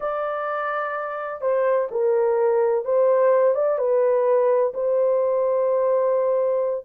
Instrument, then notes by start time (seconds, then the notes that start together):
horn
0.00 D5
1.41 C5
1.91 A#4
2.84 C5
3.54 D5
3.78 B4
4.74 C5